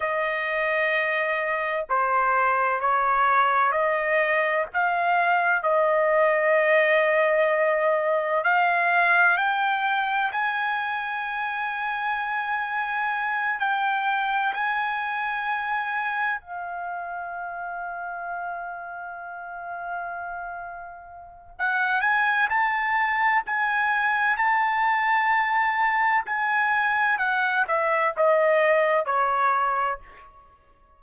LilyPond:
\new Staff \with { instrumentName = "trumpet" } { \time 4/4 \tempo 4 = 64 dis''2 c''4 cis''4 | dis''4 f''4 dis''2~ | dis''4 f''4 g''4 gis''4~ | gis''2~ gis''8 g''4 gis''8~ |
gis''4. f''2~ f''8~ | f''2. fis''8 gis''8 | a''4 gis''4 a''2 | gis''4 fis''8 e''8 dis''4 cis''4 | }